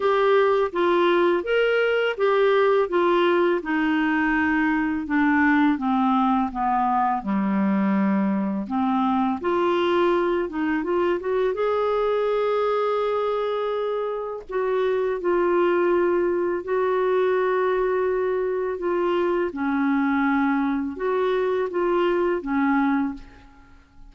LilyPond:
\new Staff \with { instrumentName = "clarinet" } { \time 4/4 \tempo 4 = 83 g'4 f'4 ais'4 g'4 | f'4 dis'2 d'4 | c'4 b4 g2 | c'4 f'4. dis'8 f'8 fis'8 |
gis'1 | fis'4 f'2 fis'4~ | fis'2 f'4 cis'4~ | cis'4 fis'4 f'4 cis'4 | }